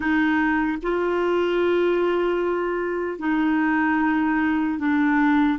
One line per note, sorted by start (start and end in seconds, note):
0.00 0.77 D#4
0.82 3.19 F4
3.19 4.79 D#4
4.79 5.59 D4